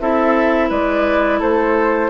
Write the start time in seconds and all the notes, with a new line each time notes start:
0.00 C4 E4 A4 E5
0.69 G#3 B4 D5
1.39 A3 A4 C5